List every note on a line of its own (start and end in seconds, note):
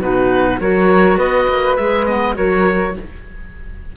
0.00 0.59 B2
0.00 0.60 D#4
0.00 0.59 F#4
0.00 0.60 B4
0.60 1.17 F#3
0.60 1.78 F#4
0.60 1.18 A#4
0.60 1.19 C#5
1.17 1.47 B3
1.17 2.35 B4
1.17 1.76 D#5
1.48 1.77 A#3
1.76 2.37 G#3
1.76 2.07 G#4
1.76 2.05 E5
2.05 2.34 B3
2.05 2.35 D#5
2.34 2.96 F#3
2.34 2.93 F#4
2.34 2.96 A#4
2.34 2.95 C#5